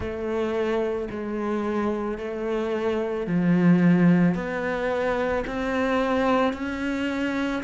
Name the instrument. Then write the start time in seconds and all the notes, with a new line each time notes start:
cello
0.00 A3
1.10 G#3
2.18 A3
3.26 F3
4.34 B3
5.46 C4
6.53 C#4